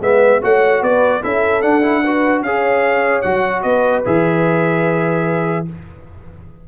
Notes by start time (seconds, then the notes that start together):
0.00 G#3 B3 B4 E5
0.41 A3 F#4 C#5 F#5
0.81 B3 B4 D5
1.21 C#4 E4 A4 E5
1.61 D4 F#5
1.82 E4
2.04 F#4 B4
2.42 C#4 G#4 C#5 F5
3.21 F#3 F#4 F#5
3.62 B3 B4 D#5
4.05 E3 G#4 E5